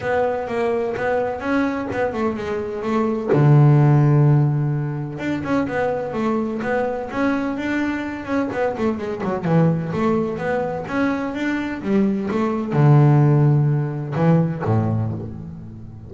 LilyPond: \new Staff \with { instrumentName = "double bass" } { \time 4/4 \tempo 4 = 127 b4 ais4 b4 cis'4 | b8 a8 gis4 a4 d4~ | d2. d'8 cis'8 | b4 a4 b4 cis'4 |
d'4. cis'8 b8 a8 gis8 fis8 | e4 a4 b4 cis'4 | d'4 g4 a4 d4~ | d2 e4 a,4 | }